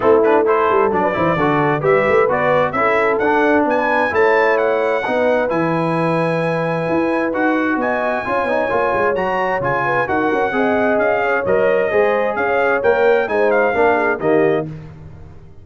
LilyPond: <<
  \new Staff \with { instrumentName = "trumpet" } { \time 4/4 \tempo 4 = 131 a'8 b'8 c''4 d''2 | e''4 d''4 e''4 fis''4 | gis''4 a''4 fis''2 | gis''1 |
fis''4 gis''2. | ais''4 gis''4 fis''2 | f''4 dis''2 f''4 | g''4 gis''8 f''4. dis''4 | }
  \new Staff \with { instrumentName = "horn" } { \time 4/4 e'4 a'4~ a'16 b'16 c''8 a'4 | b'2 a'2 | b'4 cis''2 b'4~ | b'1~ |
b'4 dis''4 cis''2~ | cis''4. b'8 ais'4 dis''4~ | dis''8 cis''4. c''4 cis''4~ | cis''4 c''4 ais'8 gis'8 g'4 | }
  \new Staff \with { instrumentName = "trombone" } { \time 4/4 c'8 d'8 e'4 d'8 e'8 fis'4 | g'4 fis'4 e'4 d'4~ | d'4 e'2 dis'4 | e'1 |
fis'2 f'8 dis'8 f'4 | fis'4 f'4 fis'4 gis'4~ | gis'4 ais'4 gis'2 | ais'4 dis'4 d'4 ais4 | }
  \new Staff \with { instrumentName = "tuba" } { \time 4/4 a4. g8 fis8 e8 d4 | g8 a8 b4 cis'4 d'4 | b4 a2 b4 | e2. e'4 |
dis'4 b4 cis'8 b8 ais8 gis8 | fis4 cis4 dis'8 cis'8 c'4 | cis'4 fis4 gis4 cis'4 | ais4 gis4 ais4 dis4 | }
>>